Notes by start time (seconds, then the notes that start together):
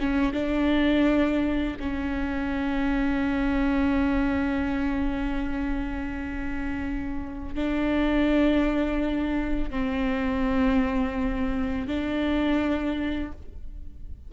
0.00 C#4
0.33 D4
1.79 C#4
7.55 D4
9.71 C4
11.87 D4